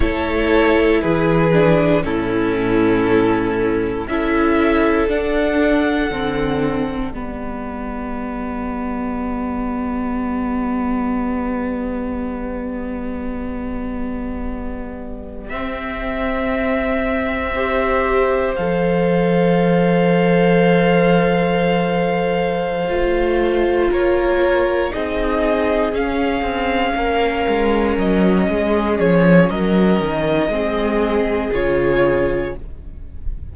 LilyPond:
<<
  \new Staff \with { instrumentName = "violin" } { \time 4/4 \tempo 4 = 59 cis''4 b'4 a'2 | e''4 fis''2 d''4~ | d''1~ | d''2.~ d''16 e''8.~ |
e''2~ e''16 f''4.~ f''16~ | f''2.~ f''8 cis''8~ | cis''8 dis''4 f''2 dis''8~ | dis''8 cis''8 dis''2 cis''4 | }
  \new Staff \with { instrumentName = "violin" } { \time 4/4 a'4 gis'4 e'2 | a'2. g'4~ | g'1~ | g'1~ |
g'4~ g'16 c''2~ c''8.~ | c''2.~ c''8 ais'8~ | ais'8 gis'2 ais'4. | gis'4 ais'4 gis'2 | }
  \new Staff \with { instrumentName = "viola" } { \time 4/4 e'4. d'8 cis'2 | e'4 d'4 c'4 b4~ | b1~ | b2.~ b16 c'8.~ |
c'4~ c'16 g'4 a'4.~ a'16~ | a'2~ a'8 f'4.~ | f'8 dis'4 cis'2~ cis'8~ | cis'2 c'4 f'4 | }
  \new Staff \with { instrumentName = "cello" } { \time 4/4 a4 e4 a,2 | cis'4 d'4 d4 g4~ | g1~ | g2.~ g16 c'8.~ |
c'2~ c'16 f4.~ f16~ | f2~ f8 a4 ais8~ | ais8 c'4 cis'8 c'8 ais8 gis8 fis8 | gis8 f8 fis8 dis8 gis4 cis4 | }
>>